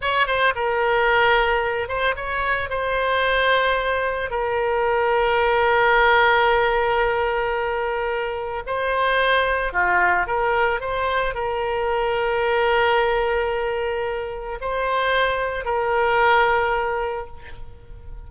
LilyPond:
\new Staff \with { instrumentName = "oboe" } { \time 4/4 \tempo 4 = 111 cis''8 c''8 ais'2~ ais'8 c''8 | cis''4 c''2. | ais'1~ | ais'1 |
c''2 f'4 ais'4 | c''4 ais'2.~ | ais'2. c''4~ | c''4 ais'2. | }